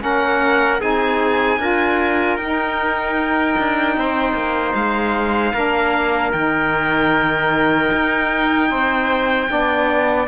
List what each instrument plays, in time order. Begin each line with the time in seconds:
0.00 cello A#3, saxophone C#4, trumpet A#4, violin F#5
0.80 cello C4, saxophone D#4, trumpet G#4, violin G#5
1.60 cello D4, saxophone F4, trumpet A#4
2.37 cello D#4, saxophone D#4, violin G5
3.59 cello D4
3.97 cello C4, trumpet C5
4.34 cello A#3
4.75 cello G#3, violin F5
5.54 cello A#3, saxophone D4, trumpet A#4
6.32 cello D#3, saxophone D#4, violin G5
7.93 cello D#4
8.70 cello C4, trumpet C5
9.48 cello B3, saxophone D4, trumpet D5